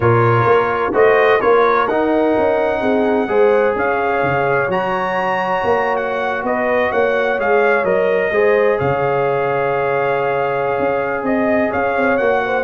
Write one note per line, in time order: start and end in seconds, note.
0.00 0.45 A#2
0.00 0.93 F4
0.00 0.92 A#4
0.00 0.93 C#5
0.45 0.92 A#3
0.92 1.40 A3
0.92 1.39 F#4
0.92 1.39 C5
0.92 1.40 D#5
1.40 1.87 A#3
1.40 1.88 F4
1.40 2.80 A#4
1.40 1.87 C#5
1.87 2.34 D#4
1.87 3.27 D#4
1.87 3.75 F#5
2.38 2.81 C#4
2.80 3.27 C4
2.80 3.27 G#4
3.27 3.74 G#3
3.27 4.68 G#4
3.27 3.76 C5
3.75 4.22 C#4
3.75 6.46 C#5
3.75 4.71 F5
4.22 4.67 C#3
4.67 5.61 F#3
4.67 7.38 F#4
4.67 5.96 A#5
5.64 6.43 A#3
5.96 6.43 F#5
6.43 6.90 B3
6.43 6.91 B4
6.43 6.92 D#5
6.91 7.38 A#3
6.91 8.31 C#5
6.91 7.39 F#5
7.38 7.84 G#3
7.38 7.84 G#4
7.38 7.85 F5
7.84 8.30 F#3
7.84 8.31 A#4
7.84 8.78 D#5
8.31 8.77 G#3
8.31 12.19 G#4
8.31 8.78 C5
8.78 10.79 C#3
8.78 11.24 C#5
8.78 11.24 F5
10.79 11.22 C#4
11.22 11.69 C4
11.22 11.71 D#5
11.71 11.97 C#4
11.71 12.41 C#5
11.71 12.17 F5
11.97 12.19 C4
12.17 12.63 A#3
12.17 12.63 F#4
12.17 12.63 F#5
12.44 12.63 C5